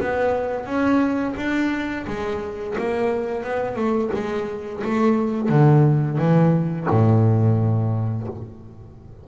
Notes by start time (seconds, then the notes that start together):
0.00 B3
0.66 C#4
1.37 D4
2.07 G#3
2.78 A#3
3.44 B3
3.76 A3
4.14 G#3
4.84 A3
5.49 D3
6.18 E3
6.90 A2